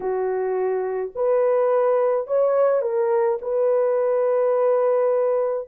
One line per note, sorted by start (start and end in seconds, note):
0.00 1.11 F#4
1.15 2.27 B4
2.27 2.81 C#5
2.81 3.38 A#4
3.41 5.68 B4